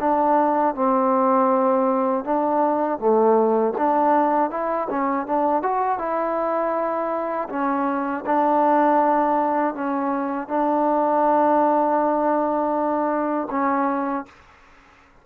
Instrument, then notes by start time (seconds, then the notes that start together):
trombone
0.00 D4
0.75 C4
2.24 D4
2.99 A3
3.77 D4
4.50 E4
4.90 C#4
5.26 D4
5.62 F#4
5.98 E4
7.49 C#4
8.26 D4
9.74 C#4
10.48 D4
13.50 C#4